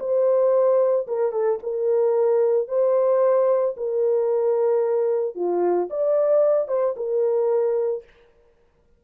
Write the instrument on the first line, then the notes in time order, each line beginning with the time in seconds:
horn
0.00 C5
1.07 A#4
1.32 A4
1.63 A#4
2.68 C5
3.77 A#4
5.35 F4
5.90 D5
6.68 C5
6.96 A#4